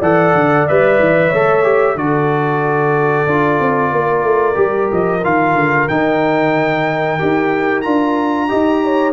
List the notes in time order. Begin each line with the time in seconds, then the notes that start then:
0.00 E3 A4 D5 F#5
0.34 D3
0.67 G3 B4 E5
0.99 E3
1.29 A3 A4 C#5
1.63 G4
1.95 D3 F#4 A4 D5
3.26 D4 F4
3.60 C4
3.92 A#3 A#4
4.23 A3
4.54 G3 G4
4.92 F3 D#5
5.24 D#3 F4 F5
5.54 D3
5.88 D#3 D#4 G5
7.19 D#4 G4
7.81 D4 F4 A#5
8.48 D#4 G4 D#5
8.83 C#5